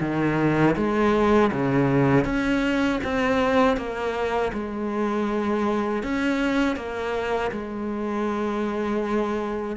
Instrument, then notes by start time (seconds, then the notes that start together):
cello
0.00 D#3
0.76 G#3
1.52 C#3
2.24 C#4
3.03 C4
3.76 A#3
4.53 G#3
6.03 C#4
6.76 A#3
7.51 G#3